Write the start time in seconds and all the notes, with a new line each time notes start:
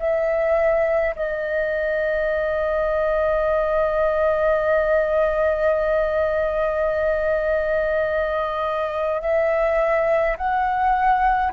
0.00 E5
1.16 D#5
9.22 E5
10.37 F#5